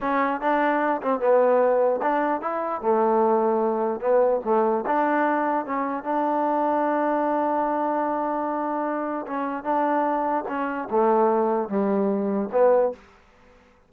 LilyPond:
\new Staff \with { instrumentName = "trombone" } { \time 4/4 \tempo 4 = 149 cis'4 d'4. c'8 b4~ | b4 d'4 e'4 a4~ | a2 b4 a4 | d'2 cis'4 d'4~ |
d'1~ | d'2. cis'4 | d'2 cis'4 a4~ | a4 g2 b4 | }